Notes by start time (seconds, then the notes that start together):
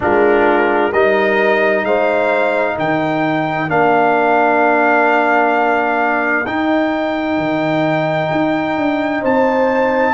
0.00 G#3 D4 F4 A#4
0.92 G3 D#4 A#4 D#5
1.83 G#3 C5 F5
2.74 D#3 A#4 G5
3.68 A#3 D4 F5
6.46 D#4 G5
7.37 D#3
8.31 D#4
8.77 D4
9.21 C4 C5 A5